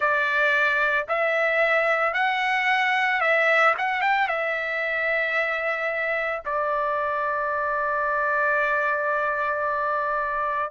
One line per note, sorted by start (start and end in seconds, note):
0.00 1.06 D5
1.08 2.13 E5
2.13 3.20 F#5
3.20 3.74 E5
3.78 4.01 F#5
4.01 4.28 G5
4.28 6.42 E5
6.45 10.70 D5